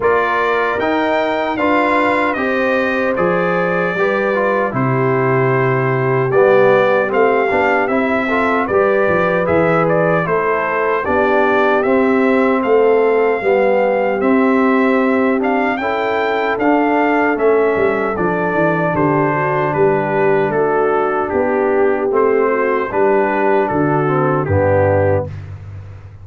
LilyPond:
<<
  \new Staff \with { instrumentName = "trumpet" } { \time 4/4 \tempo 4 = 76 d''4 g''4 f''4 dis''4 | d''2 c''2 | d''4 f''4 e''4 d''4 | e''8 d''8 c''4 d''4 e''4 |
f''2 e''4. f''8 | g''4 f''4 e''4 d''4 | c''4 b'4 a'4 g'4 | c''4 b'4 a'4 g'4 | }
  \new Staff \with { instrumentName = "horn" } { \time 4/4 ais'2 b'4 c''4~ | c''4 b'4 g'2~ | g'2~ g'8 a'8 b'4~ | b'4 a'4 g'2 |
a'4 g'2. | a'1 | g'8 fis'8 g'4 fis'4 g'4~ | g'8 fis'8 g'4 fis'4 d'4 | }
  \new Staff \with { instrumentName = "trombone" } { \time 4/4 f'4 dis'4 f'4 g'4 | gis'4 g'8 f'8 e'2 | b4 c'8 d'8 e'8 f'8 g'4 | gis'4 e'4 d'4 c'4~ |
c'4 b4 c'4. d'8 | e'4 d'4 cis'4 d'4~ | d'1 | c'4 d'4. c'8 b4 | }
  \new Staff \with { instrumentName = "tuba" } { \time 4/4 ais4 dis'4 d'4 c'4 | f4 g4 c2 | g4 a8 b8 c'4 g8 f8 | e4 a4 b4 c'4 |
a4 g4 c'2 | cis'4 d'4 a8 g8 f8 e8 | d4 g4 a4 b4 | a4 g4 d4 g,4 | }
>>